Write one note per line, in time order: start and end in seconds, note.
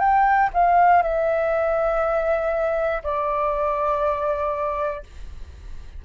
0.00 0.50 G5
0.54 1.03 F5
1.03 3.03 E5
3.03 5.03 D5